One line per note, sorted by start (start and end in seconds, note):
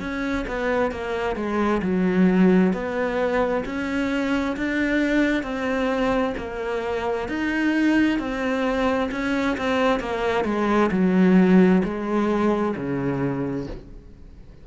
0.00 0.45 C#4
0.48 0.91 B3
0.91 1.36 A#3
1.36 1.81 G#3
1.82 2.73 F#3
2.73 3.64 B3
3.65 4.56 C#4
4.57 5.43 D4
5.43 6.34 C4
6.38 7.29 A#3
7.29 8.19 D#4
8.19 9.10 C4
9.12 9.57 C#4
9.57 10.00 C4
10.00 10.45 A#3
10.45 10.90 G#3
10.91 11.82 F#3
11.84 12.75 G#3
12.76 13.67 C#3